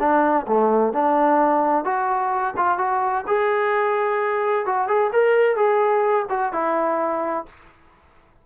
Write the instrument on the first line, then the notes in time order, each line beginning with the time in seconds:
trombone
0.00 D4
0.48 A3
0.93 D4
1.85 F#4
2.57 F4
2.78 F#4
3.27 G#4
4.66 F#4
4.88 G#4
5.13 A#4
5.56 G#4
6.30 F#4
6.53 E4